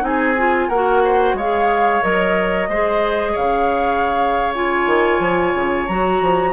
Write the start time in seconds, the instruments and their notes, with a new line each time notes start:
0.00 bassoon C4, clarinet D#4, flute G#5
0.06 oboe G#4
0.37 clarinet F4
0.68 bassoon A#3, clarinet F#4, oboe A#4, flute F#5
1.04 oboe C5
1.33 bassoon G#3, oboe C#5, flute F5
1.40 clarinet G#4
2.02 bassoon F#3, clarinet A#4, flute D#5
2.68 bassoon G#3, clarinet G#4, oboe C5
3.32 bassoon C#3, oboe C#5, flute F5
4.54 clarinet F4, flute G#5
4.86 bassoon D#3
5.19 bassoon F3
5.54 bassoon C#3
5.87 bassoon F#3, clarinet F#4, flute A#5
6.21 bassoon F3